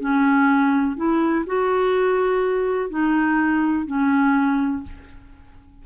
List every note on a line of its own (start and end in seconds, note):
0.00 0.97 C#4
0.97 1.45 E4
1.46 2.90 F#4
2.90 3.87 D#4
3.87 4.83 C#4